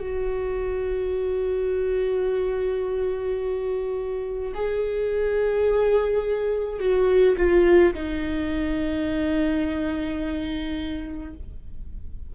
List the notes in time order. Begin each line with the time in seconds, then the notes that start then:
0.00 F#4
4.54 G#4
6.80 F#4
7.37 F4
7.94 D#4